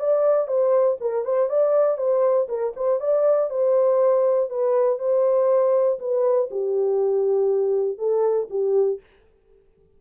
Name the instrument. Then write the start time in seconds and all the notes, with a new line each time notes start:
horn
0.00 D5
0.48 C5
1.01 A#4
1.25 C5
1.50 D5
1.98 C5
2.48 A#4
2.76 C5
3.00 D5
3.50 C5
4.50 B4
4.99 C5
5.99 B4
6.51 G4
7.98 A4
8.50 G4